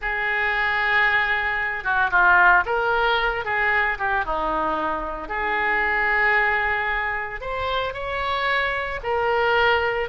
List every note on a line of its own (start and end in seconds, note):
0.01 1.83 G#4
1.83 2.10 F#4
2.10 2.64 F4
2.65 3.45 A#4
3.45 3.98 G#4
3.98 4.25 G4
4.25 5.28 D#4
5.28 7.40 G#4
7.41 7.93 C5
7.93 9.00 C#5
9.03 10.09 A#4